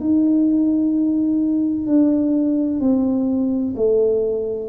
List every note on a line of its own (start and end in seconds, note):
0.00 1.87 D#4
1.87 2.80 D4
2.80 3.74 C4
3.76 4.69 A3